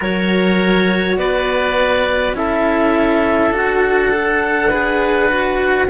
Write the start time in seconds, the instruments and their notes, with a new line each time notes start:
0.00 cello F#3 F#4, oboe A#4, clarinet C#5
1.16 cello B3, oboe B4, clarinet D5
2.33 cello C#4 E4, oboe A4, clarinet E5
3.51 cello D4 F#4, clarinet F#5
4.11 cello A4
4.69 cello G#4, oboe B4
5.28 cello F#4